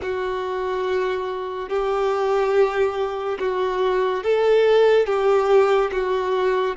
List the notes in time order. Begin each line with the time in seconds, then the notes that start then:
0.02 F#4
1.69 G4
3.39 F#4
4.23 A4
5.06 G4
5.92 F#4